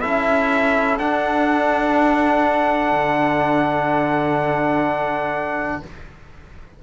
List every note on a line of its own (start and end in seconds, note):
0.00 0.99 C#4
0.00 0.98 E4
0.00 5.81 A4
0.00 0.97 E5
0.98 2.91 D4
0.98 5.83 D4
0.98 5.82 F#5
2.91 5.81 D3